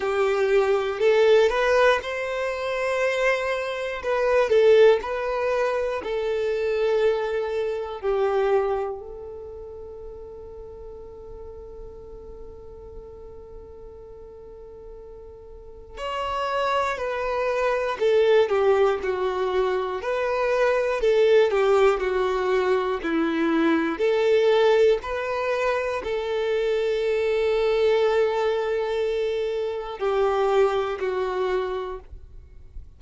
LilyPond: \new Staff \with { instrumentName = "violin" } { \time 4/4 \tempo 4 = 60 g'4 a'8 b'8 c''2 | b'8 a'8 b'4 a'2 | g'4 a'2.~ | a'1 |
cis''4 b'4 a'8 g'8 fis'4 | b'4 a'8 g'8 fis'4 e'4 | a'4 b'4 a'2~ | a'2 g'4 fis'4 | }